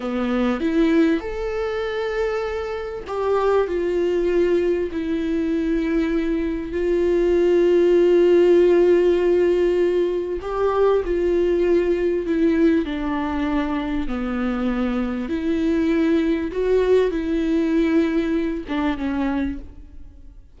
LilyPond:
\new Staff \with { instrumentName = "viola" } { \time 4/4 \tempo 4 = 98 b4 e'4 a'2~ | a'4 g'4 f'2 | e'2. f'4~ | f'1~ |
f'4 g'4 f'2 | e'4 d'2 b4~ | b4 e'2 fis'4 | e'2~ e'8 d'8 cis'4 | }